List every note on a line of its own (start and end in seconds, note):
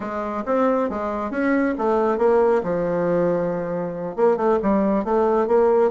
0.00 0.44 G#3
0.45 0.89 C4
0.89 1.30 G#3
1.30 1.74 C#4
1.78 2.18 A3
2.18 2.62 A#3
2.63 4.15 F3
4.15 4.37 A#3
4.37 4.58 A3
4.62 5.04 G3
5.04 5.47 A3
5.47 5.90 A#3